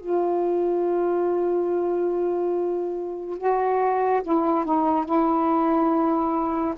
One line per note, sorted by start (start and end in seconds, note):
0.00 3.37 F4
3.37 4.22 F#4
4.23 4.64 E4
4.64 5.05 D#4
5.05 6.74 E4